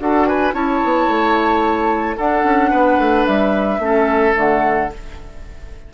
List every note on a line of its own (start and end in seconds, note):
0.00 0.54 D4
0.00 0.53 F#4
0.00 0.28 A4
0.00 0.26 F#5
0.26 0.54 B4
0.26 0.54 G#5
0.53 0.81 C#4
0.53 2.17 E4
0.53 2.17 C#5
0.53 2.17 A5
0.84 1.08 B3
1.08 2.17 A3
2.17 3.81 D4
2.17 2.44 D4
2.17 2.71 A4
2.17 3.26 F#5
2.44 2.71 C#4
2.71 2.99 B3
2.71 3.80 B4
2.99 3.26 A3
3.26 3.79 G3
3.26 4.35 E5
3.79 4.34 A3
3.79 4.34 C#4
3.79 4.94 A4
4.34 4.91 D3
4.34 4.88 A3
4.34 4.93 F#5